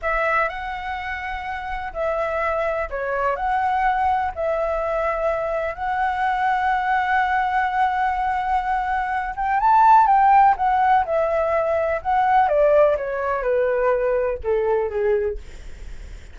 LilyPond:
\new Staff \with { instrumentName = "flute" } { \time 4/4 \tempo 4 = 125 e''4 fis''2. | e''2 cis''4 fis''4~ | fis''4 e''2. | fis''1~ |
fis''2.~ fis''8 g''8 | a''4 g''4 fis''4 e''4~ | e''4 fis''4 d''4 cis''4 | b'2 a'4 gis'4 | }